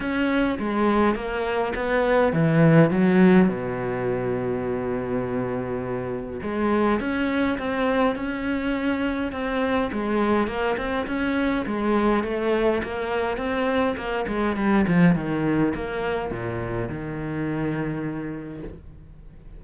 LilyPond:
\new Staff \with { instrumentName = "cello" } { \time 4/4 \tempo 4 = 103 cis'4 gis4 ais4 b4 | e4 fis4 b,2~ | b,2. gis4 | cis'4 c'4 cis'2 |
c'4 gis4 ais8 c'8 cis'4 | gis4 a4 ais4 c'4 | ais8 gis8 g8 f8 dis4 ais4 | ais,4 dis2. | }